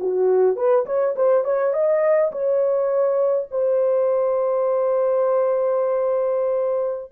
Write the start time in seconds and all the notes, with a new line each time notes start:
0.00 F#4
0.56 B4
0.86 C#5
1.15 C5
1.44 C#5
1.73 D#5
2.32 C#5
3.51 C5